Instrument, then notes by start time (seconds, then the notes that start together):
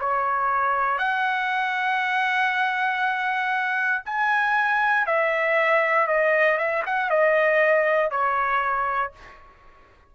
trumpet
0.00 C#5
0.98 F#5
4.05 G#5
5.07 E5
6.08 D#5
6.58 E5
6.86 F#5
7.10 D#5
8.11 C#5